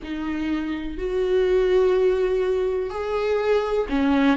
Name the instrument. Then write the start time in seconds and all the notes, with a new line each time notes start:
viola
0.03 D#4
0.97 F#4
2.89 G#4
3.89 C#4